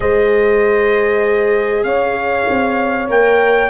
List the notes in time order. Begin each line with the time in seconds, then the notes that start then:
0.00 G#3 G#4 C5 D#5
1.83 C#4 C#5 F5
2.49 C4
3.08 A#3 A#4 G5